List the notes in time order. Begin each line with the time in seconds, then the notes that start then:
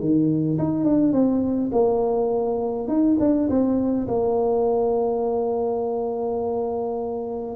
0.00 D#3
0.59 D#4
0.85 D4
1.13 C4
1.72 A#3
2.88 D#4
3.20 D4
3.50 C4
4.08 A#3